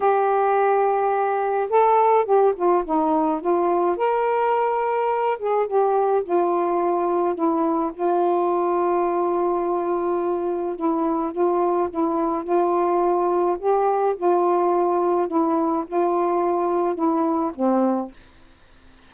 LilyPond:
\new Staff \with { instrumentName = "saxophone" } { \time 4/4 \tempo 4 = 106 g'2. a'4 | g'8 f'8 dis'4 f'4 ais'4~ | ais'4. gis'8 g'4 f'4~ | f'4 e'4 f'2~ |
f'2. e'4 | f'4 e'4 f'2 | g'4 f'2 e'4 | f'2 e'4 c'4 | }